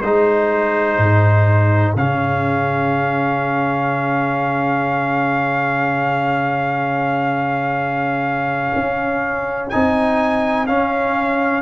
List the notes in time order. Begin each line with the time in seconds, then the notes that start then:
0.00 G#3 D#4 G#4 C5
0.98 G#2
1.96 C#3 C#4 F5
8.75 C#4
9.70 C4 D#4 G#5
10.67 C#4 F5